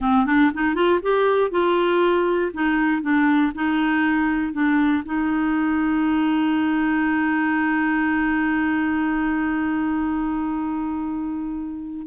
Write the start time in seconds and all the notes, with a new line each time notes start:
0.00 C4
0.26 D4
0.54 D#4
0.74 F4
1.02 G4
1.51 F4
2.53 D#4
3.02 D4
3.54 D#4
4.52 D4
5.05 D#4